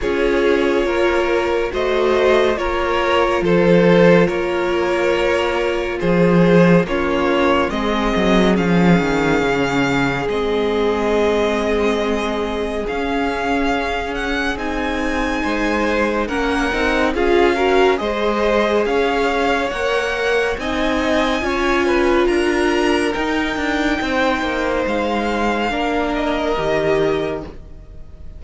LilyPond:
<<
  \new Staff \with { instrumentName = "violin" } { \time 4/4 \tempo 4 = 70 cis''2 dis''4 cis''4 | c''4 cis''2 c''4 | cis''4 dis''4 f''2 | dis''2. f''4~ |
f''8 fis''8 gis''2 fis''4 | f''4 dis''4 f''4 fis''4 | gis''2 ais''4 g''4~ | g''4 f''4. dis''4. | }
  \new Staff \with { instrumentName = "violin" } { \time 4/4 gis'4 ais'4 c''4 ais'4 | a'4 ais'2 gis'4 | f'4 gis'2.~ | gis'1~ |
gis'2 c''4 ais'4 | gis'8 ais'8 c''4 cis''2 | dis''4 cis''8 b'8 ais'2 | c''2 ais'2 | }
  \new Staff \with { instrumentName = "viola" } { \time 4/4 f'2 fis'4 f'4~ | f'1 | cis'4 c'4 cis'2 | c'2. cis'4~ |
cis'4 dis'2 cis'8 dis'8 | f'8 fis'8 gis'2 ais'4 | dis'4 f'2 dis'4~ | dis'2 d'4 g'4 | }
  \new Staff \with { instrumentName = "cello" } { \time 4/4 cis'4 ais4 a4 ais4 | f4 ais2 f4 | ais4 gis8 fis8 f8 dis8 cis4 | gis2. cis'4~ |
cis'4 c'4 gis4 ais8 c'8 | cis'4 gis4 cis'4 ais4 | c'4 cis'4 d'4 dis'8 d'8 | c'8 ais8 gis4 ais4 dis4 | }
>>